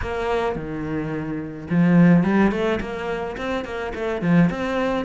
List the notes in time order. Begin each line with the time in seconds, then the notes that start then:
0.01 A#3
0.55 D#3
1.70 F3
2.23 G3
2.51 A3
2.80 A#3
3.37 C4
3.64 A#3
3.95 A3
4.21 F3
4.50 C4